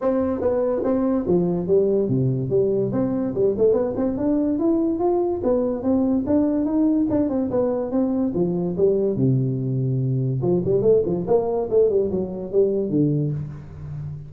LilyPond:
\new Staff \with { instrumentName = "tuba" } { \time 4/4 \tempo 4 = 144 c'4 b4 c'4 f4 | g4 c4 g4 c'4 | g8 a8 b8 c'8 d'4 e'4 | f'4 b4 c'4 d'4 |
dis'4 d'8 c'8 b4 c'4 | f4 g4 c2~ | c4 f8 g8 a8 f8 ais4 | a8 g8 fis4 g4 d4 | }